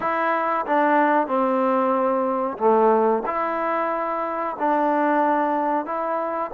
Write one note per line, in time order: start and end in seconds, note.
0.00 0.65 E4
0.66 1.27 D4
1.27 2.57 C4
2.58 3.23 A3
3.25 4.56 E4
4.59 5.85 D4
5.85 6.50 E4